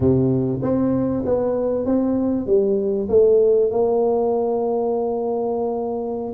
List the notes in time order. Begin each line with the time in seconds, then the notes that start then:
0.00 C3
0.62 C4
1.25 B3
1.85 C4
2.46 G3
3.08 A3
3.70 A#3